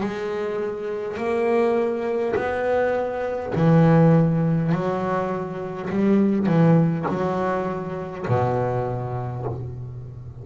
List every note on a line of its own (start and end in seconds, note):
0.00 1.17 G#3
1.17 2.35 A#3
2.35 3.53 B3
3.55 4.72 E3
4.72 5.89 F#3
5.90 6.46 G3
6.46 7.05 E3
7.08 8.26 F#3
8.28 9.45 B2